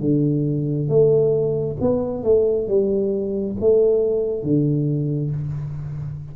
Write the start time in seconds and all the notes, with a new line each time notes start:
0.00 D3
0.88 A3
1.80 B3
2.23 A3
2.68 G3
3.60 A3
4.42 D3